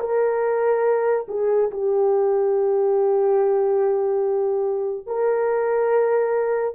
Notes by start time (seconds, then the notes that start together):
0.00 A#4
1.28 G#4
1.71 G4
5.07 A#4